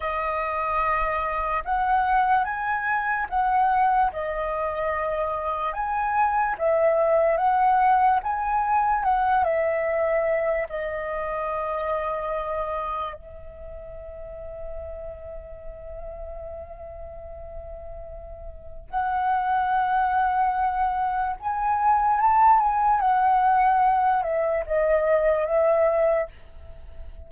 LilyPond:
\new Staff \with { instrumentName = "flute" } { \time 4/4 \tempo 4 = 73 dis''2 fis''4 gis''4 | fis''4 dis''2 gis''4 | e''4 fis''4 gis''4 fis''8 e''8~ | e''4 dis''2. |
e''1~ | e''2. fis''4~ | fis''2 gis''4 a''8 gis''8 | fis''4. e''8 dis''4 e''4 | }